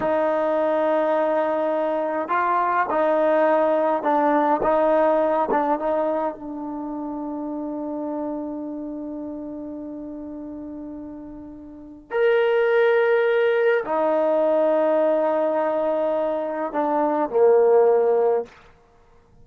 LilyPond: \new Staff \with { instrumentName = "trombone" } { \time 4/4 \tempo 4 = 104 dis'1 | f'4 dis'2 d'4 | dis'4. d'8 dis'4 d'4~ | d'1~ |
d'1~ | d'4 ais'2. | dis'1~ | dis'4 d'4 ais2 | }